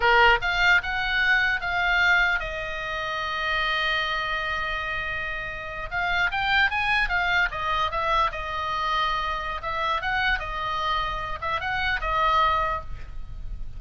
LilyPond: \new Staff \with { instrumentName = "oboe" } { \time 4/4 \tempo 4 = 150 ais'4 f''4 fis''2 | f''2 dis''2~ | dis''1~ | dis''2~ dis''8. f''4 g''16~ |
g''8. gis''4 f''4 dis''4 e''16~ | e''8. dis''2.~ dis''16 | e''4 fis''4 dis''2~ | dis''8 e''8 fis''4 dis''2 | }